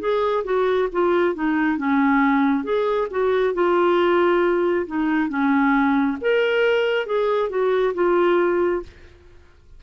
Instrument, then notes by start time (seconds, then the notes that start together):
clarinet
0.00 G#4
0.45 F#4
0.93 F4
1.35 D#4
1.78 C#4
2.64 G#4
3.11 F#4
3.54 F4
4.87 D#4
5.29 C#4
6.21 A#4
7.07 G#4
7.50 F#4
7.95 F4